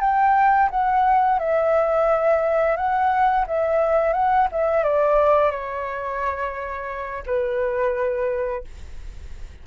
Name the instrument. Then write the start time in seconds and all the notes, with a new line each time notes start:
flute
0.00 G5
0.70 F#5
1.39 E5
2.76 F#5
3.47 E5
4.13 F#5
4.51 E5
4.83 D5
5.51 C#5
7.26 B4